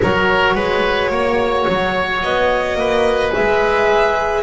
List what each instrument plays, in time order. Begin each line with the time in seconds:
0.01 double bass F#3, horn F#4, oboe A#4, violin C#5
0.54 double bass G#3, oboe B4
1.10 double bass A#3, oboe C#5
1.68 double bass F#3
2.22 double bass B3, violin D#5
2.75 double bass A#3, oboe B4
3.31 horn G#4, violin E5
3.37 double bass G#3